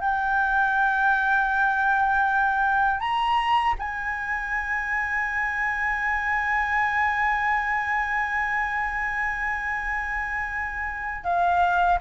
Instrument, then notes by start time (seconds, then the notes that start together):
flute
0.00 G5
3.00 A#5
3.79 G#5
11.24 F5